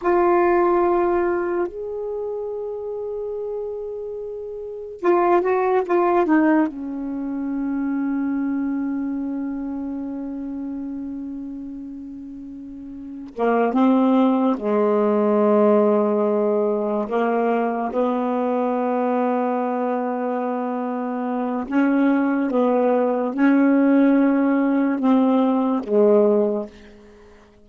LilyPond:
\new Staff \with { instrumentName = "saxophone" } { \time 4/4 \tempo 4 = 72 f'2 gis'2~ | gis'2 f'8 fis'8 f'8 dis'8 | cis'1~ | cis'1 |
ais8 c'4 gis2~ gis8~ | gis8 ais4 b2~ b8~ | b2 cis'4 b4 | cis'2 c'4 gis4 | }